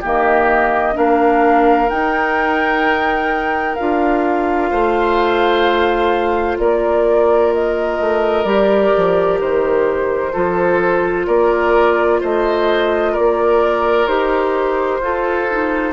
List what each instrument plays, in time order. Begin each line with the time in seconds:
0.00 bassoon D#3, clarinet A#3, oboe G4, flute D#5
0.94 bassoon A#3, clarinet D4, oboe A#4, flute F5
1.88 clarinet D#4, bassoon D#4, flute G5
3.75 bassoon D4, clarinet F4, flute F5
4.70 bassoon A3, oboe C5
6.58 bassoon A#3, oboe A#4, flute D5
7.53 flute D#5
7.99 bassoon A3
8.44 bassoon G3, clarinet G4, flute D5
8.96 bassoon F3
9.40 bassoon D#3, flute C5
10.32 bassoon F3, clarinet F4, oboe A4
11.27 bassoon A#3, oboe A#4, flute D5
12.20 bassoon A3, oboe C5, flute D#5
13.12 oboe A#4, flute D5
13.18 bassoon A#3
14.07 bassoon D#4, clarinet G4, flute C5
14.99 bassoon F4, clarinet F4, oboe A4
15.50 clarinet D#4